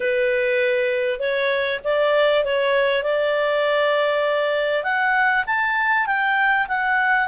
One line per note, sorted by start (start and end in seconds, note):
0.00 1.19 B4
1.19 1.80 C#5
1.84 2.44 D5
2.44 3.03 C#5
3.03 4.83 D5
4.83 5.44 F#5
5.46 6.06 A5
6.06 6.66 G5
6.68 7.28 F#5